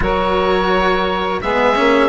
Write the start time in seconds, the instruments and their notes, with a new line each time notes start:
0.00 bassoon F#3, cello F#4, saxophone A#4, oboe C#5
1.41 bassoon G#3, cello B3, saxophone G#4, oboe E5
1.75 bassoon A#3, cello C#4